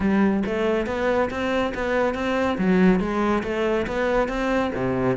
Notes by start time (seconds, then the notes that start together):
0.00 G3
0.46 A3
0.86 B3
1.30 C4
1.74 B3
2.14 C4
2.58 F#3
3.00 G#3
3.43 A3
3.86 B3
4.28 C4
4.75 C3